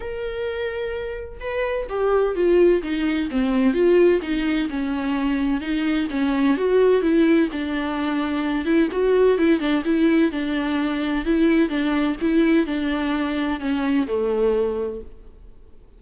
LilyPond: \new Staff \with { instrumentName = "viola" } { \time 4/4 \tempo 4 = 128 ais'2. b'4 | g'4 f'4 dis'4 c'4 | f'4 dis'4 cis'2 | dis'4 cis'4 fis'4 e'4 |
d'2~ d'8 e'8 fis'4 | e'8 d'8 e'4 d'2 | e'4 d'4 e'4 d'4~ | d'4 cis'4 a2 | }